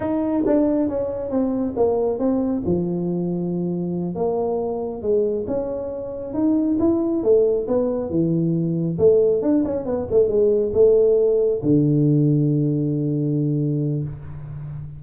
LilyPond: \new Staff \with { instrumentName = "tuba" } { \time 4/4 \tempo 4 = 137 dis'4 d'4 cis'4 c'4 | ais4 c'4 f2~ | f4. ais2 gis8~ | gis8 cis'2 dis'4 e'8~ |
e'8 a4 b4 e4.~ | e8 a4 d'8 cis'8 b8 a8 gis8~ | gis8 a2 d4.~ | d1 | }